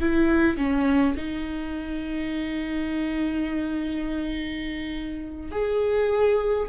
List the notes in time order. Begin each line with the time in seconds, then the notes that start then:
0.00 E4
0.57 C#4
1.17 D#4
5.51 G#4